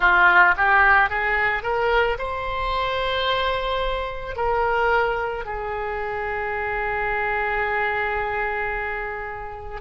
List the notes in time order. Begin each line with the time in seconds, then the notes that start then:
0.00 F4
0.57 G4
1.09 G#4
1.63 A#4
2.18 C5
4.36 A#4
5.45 G#4